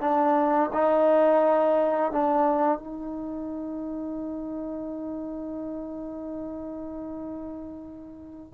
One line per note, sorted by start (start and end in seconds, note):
0.00 0.70 D4
0.73 2.12 D#4
2.12 2.78 D4
2.78 8.53 D#4